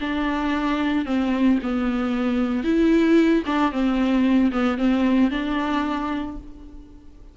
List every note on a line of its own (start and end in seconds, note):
0.00 1.05 D4
1.05 1.59 C4
1.63 2.64 B3
2.64 3.43 E4
3.46 3.72 D4
3.72 4.51 C4
4.52 4.78 B3
4.78 5.31 C4
5.31 6.37 D4